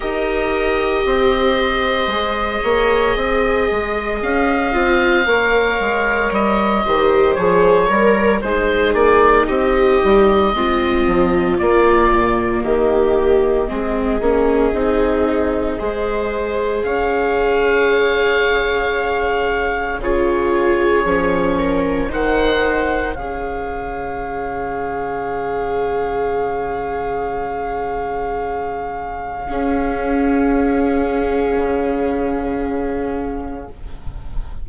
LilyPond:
<<
  \new Staff \with { instrumentName = "oboe" } { \time 4/4 \tempo 4 = 57 dis''1 | f''2 dis''4 cis''4 | c''8 d''8 dis''2 d''4 | dis''1 |
f''2. cis''4~ | cis''4 fis''4 f''2~ | f''1~ | f''1 | }
  \new Staff \with { instrumentName = "viola" } { \time 4/4 ais'4 c''4. cis''8 dis''4~ | dis''4 cis''4. c''4 ais'8 | gis'4 g'4 f'2 | g'4 gis'2 c''4 |
cis''2. gis'4~ | gis'8 ais'8 c''4 cis''2~ | cis''1 | gis'1 | }
  \new Staff \with { instrumentName = "viola" } { \time 4/4 g'2 gis'2~ | gis'8 f'8 ais'4. g'8 gis'8 ais'8 | dis'2 c'4 ais4~ | ais4 c'8 cis'8 dis'4 gis'4~ |
gis'2. f'4 | cis'4 dis'4 gis'2~ | gis'1 | cis'1 | }
  \new Staff \with { instrumentName = "bassoon" } { \time 4/4 dis'4 c'4 gis8 ais8 c'8 gis8 | cis'8 c'8 ais8 gis8 g8 dis8 f8 g8 | gis8 ais8 c'8 g8 gis8 f8 ais8 ais,8 | dis4 gis8 ais8 c'4 gis4 |
cis'2. cis4 | f4 dis4 cis2~ | cis1 | cis'2 cis2 | }
>>